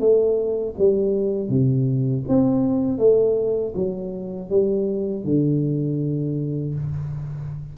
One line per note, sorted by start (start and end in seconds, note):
0.00 0.75 A3
0.78 1.49 G3
1.49 2.24 C3
2.29 2.99 C4
2.99 3.74 A3
3.75 4.50 F#3
4.50 5.25 G3
5.25 6.75 D3